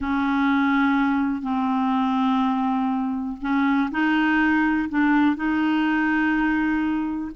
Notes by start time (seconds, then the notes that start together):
0.00 C#4
1.42 C4
3.41 C#4
3.91 D#4
4.89 D4
5.36 D#4